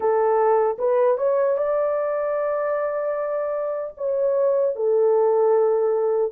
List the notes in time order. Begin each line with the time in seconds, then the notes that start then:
0.00 A4
0.78 B4
1.17 C#5
1.57 D5
3.97 C#5
4.75 A4